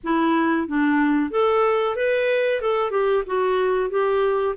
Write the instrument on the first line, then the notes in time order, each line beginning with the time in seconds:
clarinet
0.03 E4
0.67 D4
1.30 A4
1.96 B4
2.61 A4
2.91 G4
3.26 F#4
3.90 G4